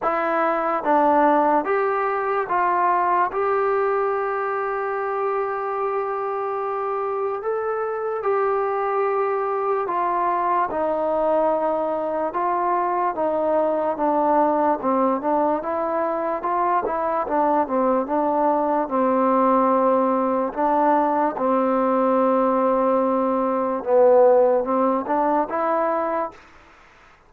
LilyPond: \new Staff \with { instrumentName = "trombone" } { \time 4/4 \tempo 4 = 73 e'4 d'4 g'4 f'4 | g'1~ | g'4 a'4 g'2 | f'4 dis'2 f'4 |
dis'4 d'4 c'8 d'8 e'4 | f'8 e'8 d'8 c'8 d'4 c'4~ | c'4 d'4 c'2~ | c'4 b4 c'8 d'8 e'4 | }